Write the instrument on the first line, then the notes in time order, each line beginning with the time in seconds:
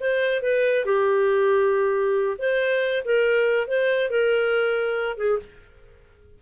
clarinet
0.00 C5
0.42 B4
0.85 G4
2.38 C5
3.05 A#4
3.67 C5
4.10 A#4
5.17 G#4